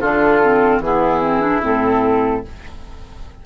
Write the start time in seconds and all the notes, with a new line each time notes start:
0.00 D3 D4 F4 A4
0.43 C4
0.79 E3 B3 G#4
0.86 E4
1.21 C4
1.41 D4
1.62 A2 C4 A4